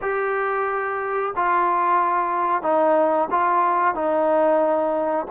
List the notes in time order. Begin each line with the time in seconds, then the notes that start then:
0.01 G4
1.35 F4
2.62 D#4
3.30 F4
3.94 D#4